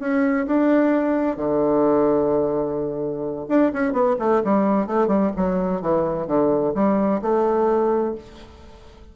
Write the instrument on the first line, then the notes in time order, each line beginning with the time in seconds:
bassoon
0.00 C#4
0.47 D4
1.37 D3
3.49 D4
3.73 C#4
3.93 B3
4.19 A3
4.44 G3
4.87 A3
5.08 G3
5.36 F#3
5.81 E3
6.27 D3
6.75 G3
7.22 A3